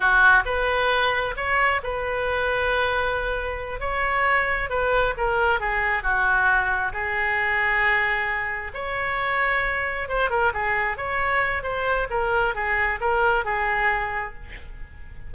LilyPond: \new Staff \with { instrumentName = "oboe" } { \time 4/4 \tempo 4 = 134 fis'4 b'2 cis''4 | b'1~ | b'8 cis''2 b'4 ais'8~ | ais'8 gis'4 fis'2 gis'8~ |
gis'2.~ gis'8 cis''8~ | cis''2~ cis''8 c''8 ais'8 gis'8~ | gis'8 cis''4. c''4 ais'4 | gis'4 ais'4 gis'2 | }